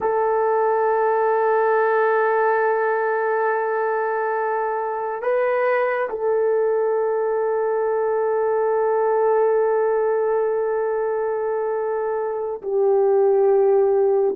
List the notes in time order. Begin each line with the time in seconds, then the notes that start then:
0.00 A4
5.22 B4
6.09 A4
12.62 G4